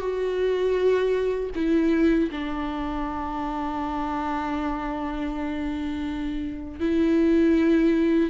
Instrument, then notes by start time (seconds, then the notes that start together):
viola
0.00 F#4
1.55 E4
2.31 D4
6.80 E4